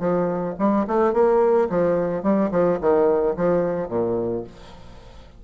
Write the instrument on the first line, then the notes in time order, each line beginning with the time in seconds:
bassoon
0.00 F3
0.59 G3
0.87 A3
1.14 A#3
1.70 F3
2.23 G3
2.51 F3
2.81 D#3
3.37 F3
3.89 A#2